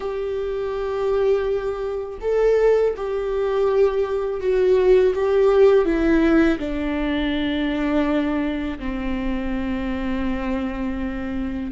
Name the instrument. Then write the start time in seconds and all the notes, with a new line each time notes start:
viola
0.00 G4
2.21 A4
2.96 G4
4.40 F#4
5.14 G4
5.85 E4
6.59 D4
8.78 C4